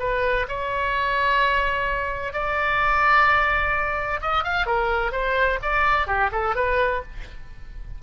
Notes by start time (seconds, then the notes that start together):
0.00 B4
0.49 C#5
2.33 D5
4.22 D#5
4.44 F5
4.67 A#4
5.12 C5
5.63 D5
6.07 G4
6.32 A4
6.56 B4